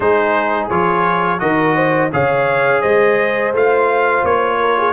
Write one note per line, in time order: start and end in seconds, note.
0.00 0.69 G#3
0.00 0.70 D#4
0.00 1.41 G#4
0.00 0.67 C5
0.69 1.41 F3
0.69 1.39 F4
0.69 1.39 C#5
1.39 2.12 D#3
1.39 2.09 F#4
1.39 1.75 A#4
1.39 2.10 D#5
1.75 2.10 C5
2.12 2.83 C#3
2.12 3.53 G#4
2.12 2.81 C#5
2.12 2.81 F5
2.81 3.52 G#3
2.81 4.57 C5
2.81 3.52 D#5
3.52 4.23 A3
3.52 4.92 F4
3.52 4.25 F5
4.23 4.92 A#3
4.23 4.92 C#5
4.59 4.77 A#4
4.78 4.92 G#4